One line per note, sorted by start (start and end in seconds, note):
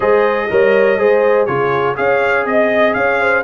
0.00 0.49 G#3
0.00 0.49 G#4
0.00 0.48 C5
0.00 1.46 D#5
0.50 0.98 G3
0.50 0.98 A#4
0.50 0.99 C#5
0.98 1.48 G#3
0.98 1.47 G#4
0.98 1.47 C5
1.46 1.97 C#3
1.46 1.95 F4
1.46 1.96 G#4
1.46 1.95 C#5
1.95 2.45 C#4
1.95 3.43 G#4
1.95 2.46 C#5
1.95 2.46 F5
2.45 2.94 C4
2.45 2.95 D#5
2.45 2.93 D#5
2.93 3.43 C#4
2.93 3.20 C#5
2.93 3.42 F5
3.20 3.43 C5